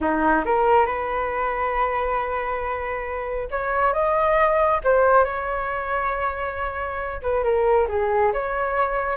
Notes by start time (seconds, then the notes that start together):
0.00 D#4
0.45 A#4
0.86 B4
3.51 C#5
3.93 D#5
4.84 C5
5.24 C#5
7.22 B4
7.43 A#4
7.88 G#4
8.33 C#5